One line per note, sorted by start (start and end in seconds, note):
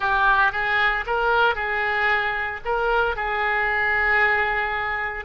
0.00 0.52 G4
0.52 1.04 G#4
1.06 1.55 A#4
1.55 2.60 G#4
2.65 3.16 A#4
3.16 5.25 G#4